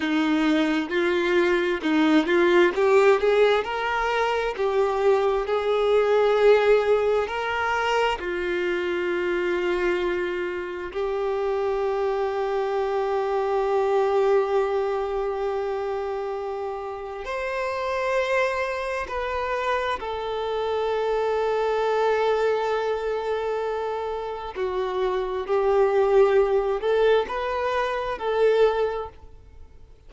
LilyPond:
\new Staff \with { instrumentName = "violin" } { \time 4/4 \tempo 4 = 66 dis'4 f'4 dis'8 f'8 g'8 gis'8 | ais'4 g'4 gis'2 | ais'4 f'2. | g'1~ |
g'2. c''4~ | c''4 b'4 a'2~ | a'2. fis'4 | g'4. a'8 b'4 a'4 | }